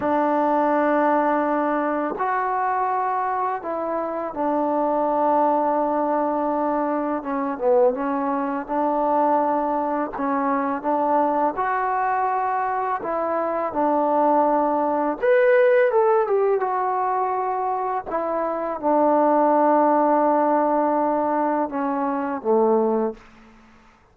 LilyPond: \new Staff \with { instrumentName = "trombone" } { \time 4/4 \tempo 4 = 83 d'2. fis'4~ | fis'4 e'4 d'2~ | d'2 cis'8 b8 cis'4 | d'2 cis'4 d'4 |
fis'2 e'4 d'4~ | d'4 b'4 a'8 g'8 fis'4~ | fis'4 e'4 d'2~ | d'2 cis'4 a4 | }